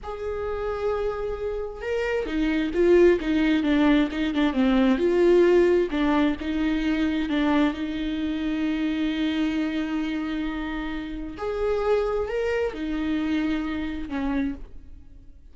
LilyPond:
\new Staff \with { instrumentName = "viola" } { \time 4/4 \tempo 4 = 132 gis'1 | ais'4 dis'4 f'4 dis'4 | d'4 dis'8 d'8 c'4 f'4~ | f'4 d'4 dis'2 |
d'4 dis'2.~ | dis'1~ | dis'4 gis'2 ais'4 | dis'2. cis'4 | }